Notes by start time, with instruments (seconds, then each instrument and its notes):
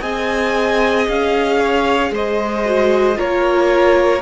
0.00 cello C4, viola G#4, violin D#5 G#5
1.08 cello C#4, violin F5
1.58 violin C#5
2.11 cello G#3, violin C5 D#5
2.64 viola F#4
3.14 cello A#3, viola F4, violin A#4 C#5